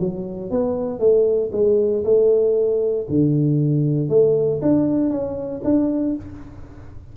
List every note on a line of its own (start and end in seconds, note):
0.00 0.51 F#3
0.51 1.00 B3
1.00 1.51 A3
1.53 2.04 G#3
2.04 3.07 A3
3.10 4.10 D3
4.10 4.61 A3
4.62 5.10 D4
5.10 5.62 C#4
5.64 6.16 D4